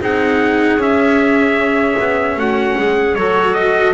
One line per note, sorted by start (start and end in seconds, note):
0.00 0.77 C4
0.00 0.79 D#4
0.00 2.37 G#4
0.00 0.81 F#5
0.77 1.95 C#4
0.77 3.16 C#4
0.77 2.39 E5
1.99 2.36 B3
2.36 2.75 A3
2.36 2.77 F#4
2.36 3.15 F#5
2.77 3.16 G#3
2.77 3.17 G#4
3.15 3.93 F#3
3.15 3.93 F#4
3.15 3.93 A4
3.15 3.54 C#5
3.54 3.93 D#5